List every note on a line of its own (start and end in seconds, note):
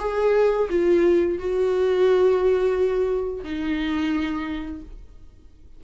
0.00 0.69 G#4
0.70 1.39 F4
1.39 3.44 F#4
3.44 4.82 D#4